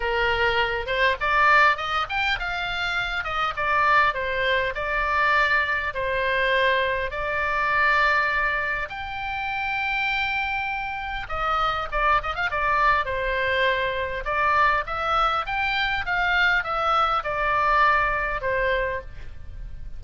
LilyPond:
\new Staff \with { instrumentName = "oboe" } { \time 4/4 \tempo 4 = 101 ais'4. c''8 d''4 dis''8 g''8 | f''4. dis''8 d''4 c''4 | d''2 c''2 | d''2. g''4~ |
g''2. dis''4 | d''8 dis''16 f''16 d''4 c''2 | d''4 e''4 g''4 f''4 | e''4 d''2 c''4 | }